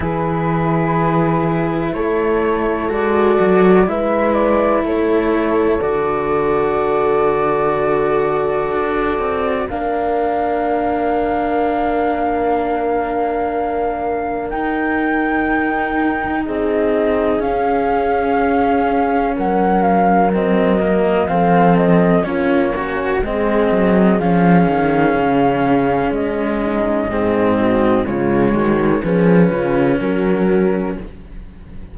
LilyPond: <<
  \new Staff \with { instrumentName = "flute" } { \time 4/4 \tempo 4 = 62 b'2 cis''4 d''4 | e''8 d''8 cis''4 d''2~ | d''2 f''2~ | f''2. g''4~ |
g''4 dis''4 f''2 | fis''8 f''8 dis''4 f''8 dis''8 cis''4 | dis''4 f''2 dis''4~ | dis''4 cis''4 b'4 ais'4 | }
  \new Staff \with { instrumentName = "horn" } { \time 4/4 gis'2 a'2 | b'4 a'2.~ | a'2 ais'2~ | ais'1~ |
ais'4 gis'2. | ais'2 a'4 f'8 cis'8 | gis'2.~ gis'8 dis'8 | gis'8 fis'8 f'8 fis'8 gis'8 f'8 fis'4 | }
  \new Staff \with { instrumentName = "cello" } { \time 4/4 e'2. fis'4 | e'2 fis'2~ | fis'2 d'2~ | d'2. dis'4~ |
dis'2 cis'2~ | cis'4 c'8 ais8 c'4 cis'8 fis'8 | c'4 cis'2. | c'4 gis4 cis'2 | }
  \new Staff \with { instrumentName = "cello" } { \time 4/4 e2 a4 gis8 fis8 | gis4 a4 d2~ | d4 d'8 c'8 ais2~ | ais2. dis'4~ |
dis'4 c'4 cis'2 | fis2 f4 ais4 | gis8 fis8 f8 dis8 cis4 gis4 | gis,4 cis8 dis8 f8 cis8 fis4 | }
>>